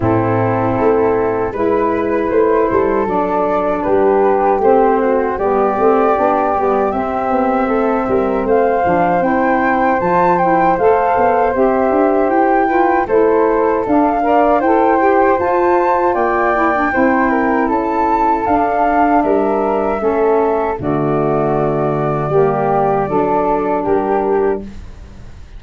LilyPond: <<
  \new Staff \with { instrumentName = "flute" } { \time 4/4 \tempo 4 = 78 a'2 b'4 c''4 | d''4 b'4 c''4 d''4~ | d''4 e''2 f''4 | g''4 a''8 g''8 f''4 e''4 |
g''4 c''4 f''4 g''4 | a''4 g''2 a''4 | f''4 e''2 d''4~ | d''2. ais'4 | }
  \new Staff \with { instrumentName = "flute" } { \time 4/4 e'2 b'4. a'8~ | a'4 g'4. fis'8 g'4~ | g'2 a'8 ais'8 c''4~ | c''1~ |
c''8 b'8 a'4. d''8 c''4~ | c''4 d''4 c''8 ais'8 a'4~ | a'4 ais'4 a'4 fis'4~ | fis'4 g'4 a'4 g'4 | }
  \new Staff \with { instrumentName = "saxophone" } { \time 4/4 c'2 e'2 | d'2 c'4 b8 c'8 | d'8 b8 c'2~ c'8 d'8 | e'4 f'8 e'8 a'4 g'4~ |
g'8 f'8 e'4 d'8 ais'8 a'8 g'8 | f'4. e'16 d'16 e'2 | d'2 cis'4 a4~ | a4 ais4 d'2 | }
  \new Staff \with { instrumentName = "tuba" } { \time 4/4 a,4 a4 gis4 a8 g8 | fis4 g4 a4 g8 a8 | b8 g8 c'8 b8 a8 g8 a8 f8 | c'4 f4 a8 b8 c'8 d'8 |
e'4 a4 d'4 e'4 | f'4 ais4 c'4 cis'4 | d'4 g4 a4 d4~ | d4 g4 fis4 g4 | }
>>